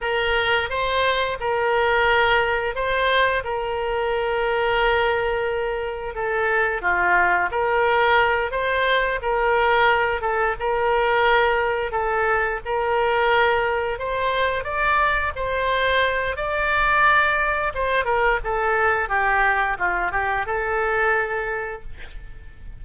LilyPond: \new Staff \with { instrumentName = "oboe" } { \time 4/4 \tempo 4 = 88 ais'4 c''4 ais'2 | c''4 ais'2.~ | ais'4 a'4 f'4 ais'4~ | ais'8 c''4 ais'4. a'8 ais'8~ |
ais'4. a'4 ais'4.~ | ais'8 c''4 d''4 c''4. | d''2 c''8 ais'8 a'4 | g'4 f'8 g'8 a'2 | }